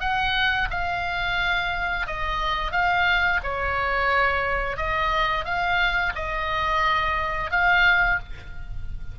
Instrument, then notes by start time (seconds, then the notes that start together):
oboe
0.00 F#5
0.70 F5
2.07 D#5
2.71 F5
3.43 C#5
4.77 D#5
5.45 F5
6.15 D#5
7.51 F5